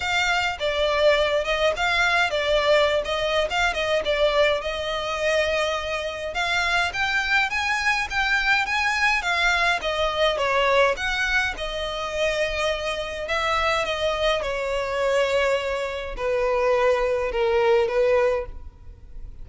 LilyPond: \new Staff \with { instrumentName = "violin" } { \time 4/4 \tempo 4 = 104 f''4 d''4. dis''8 f''4 | d''4~ d''16 dis''8. f''8 dis''8 d''4 | dis''2. f''4 | g''4 gis''4 g''4 gis''4 |
f''4 dis''4 cis''4 fis''4 | dis''2. e''4 | dis''4 cis''2. | b'2 ais'4 b'4 | }